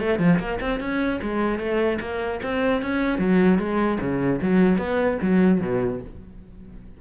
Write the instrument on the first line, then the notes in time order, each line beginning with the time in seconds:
cello
0.00 A3
0.19 F3
0.39 A#3
0.61 C4
0.81 C#4
1.22 G#3
1.59 A3
2.01 A#3
2.43 C4
2.82 C#4
3.19 F#3
3.59 G#3
4.01 C#3
4.42 F#3
4.78 B3
5.22 F#3
5.61 B2